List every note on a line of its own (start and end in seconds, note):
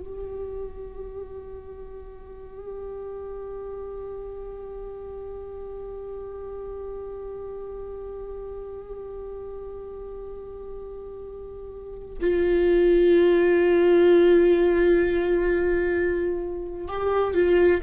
0.00 12.19 G4
12.21 16.88 F4
16.88 17.34 G4
17.34 17.81 F4